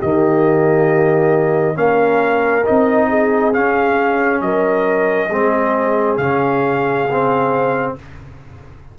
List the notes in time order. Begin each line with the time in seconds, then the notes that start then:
0.00 D#3 A#3 G4 D#5
1.75 A#3 C#4 A#4 F5
2.65 C4 D#4 D#5
3.10 G#4
3.53 C#4 F5
4.41 F#3 A#4 D#5
5.30 G#3 C4 G#4
6.17 C#3 C#4 F5
7.11 C4